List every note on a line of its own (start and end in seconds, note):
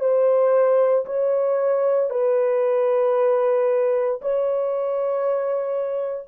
0.00 1.05 C5
1.06 2.11 C#5
2.11 4.21 B4
4.22 6.28 C#5